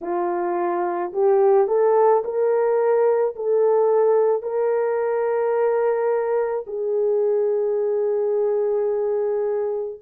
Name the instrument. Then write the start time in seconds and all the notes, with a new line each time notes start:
horn
0.01 F4
1.13 G4
1.67 A4
2.24 A#4
3.35 A4
4.42 A#4
6.66 G#4